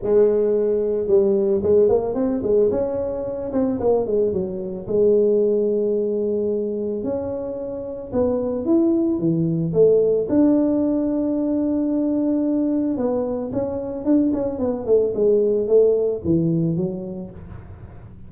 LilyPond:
\new Staff \with { instrumentName = "tuba" } { \time 4/4 \tempo 4 = 111 gis2 g4 gis8 ais8 | c'8 gis8 cis'4. c'8 ais8 gis8 | fis4 gis2.~ | gis4 cis'2 b4 |
e'4 e4 a4 d'4~ | d'1 | b4 cis'4 d'8 cis'8 b8 a8 | gis4 a4 e4 fis4 | }